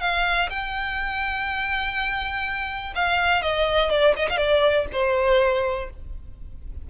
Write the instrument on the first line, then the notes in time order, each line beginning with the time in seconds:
violin
0.00 F5
0.49 G5
2.95 F5
3.42 D#5
3.90 D5
4.16 D#5
4.29 F5
4.37 D5
4.92 C5